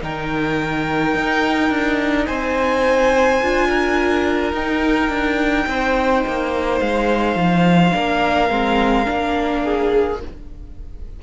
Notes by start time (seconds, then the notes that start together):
0.00 D#3 D#4 A#4 G5
1.15 D#4
1.70 D4
2.26 C4 C5 G#5
3.42 D4 F4
3.69 A#4
4.53 D#4 G5
5.09 D4
5.67 C4 C5
6.27 A#3
6.80 G#3 F5
7.36 F3
7.92 A#3 D4 A#4
8.50 G#3 C4
9.05 A#3 D4
9.63 G#4